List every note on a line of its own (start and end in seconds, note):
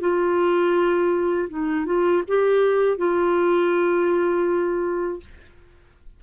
0.00 1.48 F4
1.49 1.86 D#4
1.86 2.23 F4
2.27 2.97 G4
2.97 5.20 F4